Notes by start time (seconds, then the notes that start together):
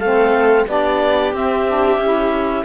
0.00 A3 C4 A4 F5
0.67 B3 D4 G4 D5
1.33 C4 E5
1.68 D4
1.98 C#4 E4